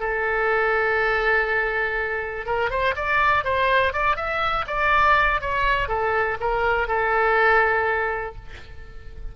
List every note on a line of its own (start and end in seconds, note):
0.00 2.46 A4
2.46 2.70 A#4
2.70 2.95 C5
2.96 3.45 D5
3.45 3.93 C5
3.93 4.16 D5
4.16 4.66 E5
4.67 5.41 D5
5.41 5.89 C#5
5.89 6.38 A4
6.40 6.88 A#4
6.88 8.35 A4